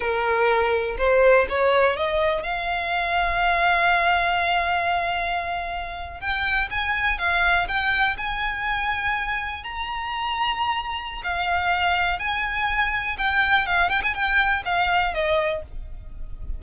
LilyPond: \new Staff \with { instrumentName = "violin" } { \time 4/4 \tempo 4 = 123 ais'2 c''4 cis''4 | dis''4 f''2.~ | f''1~ | f''8. g''4 gis''4 f''4 g''16~ |
g''8. gis''2. ais''16~ | ais''2. f''4~ | f''4 gis''2 g''4 | f''8 g''16 gis''16 g''4 f''4 dis''4 | }